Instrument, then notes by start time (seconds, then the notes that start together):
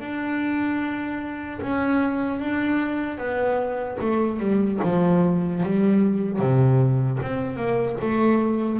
double bass
0.00 D4
1.61 C#4
2.40 D4
3.18 B3
4.01 A3
4.40 G3
4.84 F3
5.63 G3
6.39 C3
7.23 C4
7.56 A#3
8.02 A3